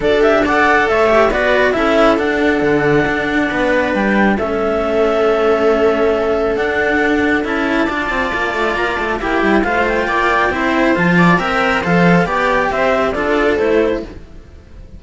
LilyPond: <<
  \new Staff \with { instrumentName = "clarinet" } { \time 4/4 \tempo 4 = 137 d''8 e''8 fis''4 e''4 d''4 | e''4 fis''2.~ | fis''4 g''4 e''2~ | e''2. fis''4~ |
fis''4 a''2. | ais''8 a''8 g''4 f''8 g''4.~ | g''4 a''4 g''4 f''4 | g''4 e''4 d''4 c''4 | }
  \new Staff \with { instrumentName = "viola" } { \time 4/4 a'4 d''4 cis''4 b'4 | a'1 | b'2 a'2~ | a'1~ |
a'2 d''2~ | d''4 g'4 c''4 d''4 | c''4. d''8 e''4 c''4 | d''4 c''4 a'2 | }
  \new Staff \with { instrumentName = "cello" } { \time 4/4 fis'8 g'8 a'4. g'8 fis'4 | e'4 d'2.~ | d'2 cis'2~ | cis'2. d'4~ |
d'4 e'4 f'2~ | f'4 e'4 f'2 | e'4 f'4 ais'4 a'4 | g'2 f'4 e'4 | }
  \new Staff \with { instrumentName = "cello" } { \time 4/4 d'2 a4 b4 | cis'4 d'4 d4 d'4 | b4 g4 a2~ | a2. d'4~ |
d'4 cis'4 d'8 c'8 ais8 a8 | ais8 a8 ais8 g8 a4 ais4 | c'4 f4 c'4 f4 | b4 c'4 d'4 a4 | }
>>